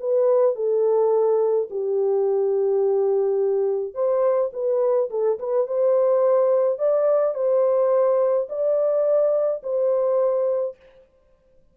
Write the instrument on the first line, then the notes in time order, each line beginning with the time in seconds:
horn
0.00 B4
0.56 A4
1.70 G4
3.94 C5
4.53 B4
5.10 A4
5.39 B4
5.67 C5
6.79 D5
7.35 C5
8.49 D5
9.63 C5